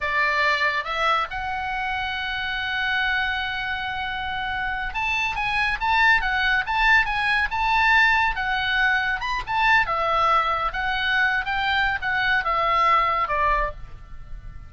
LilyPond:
\new Staff \with { instrumentName = "oboe" } { \time 4/4 \tempo 4 = 140 d''2 e''4 fis''4~ | fis''1~ | fis''2.~ fis''8 a''8~ | a''8 gis''4 a''4 fis''4 a''8~ |
a''8 gis''4 a''2 fis''8~ | fis''4. b''8 a''4 e''4~ | e''4 fis''4.~ fis''16 g''4~ g''16 | fis''4 e''2 d''4 | }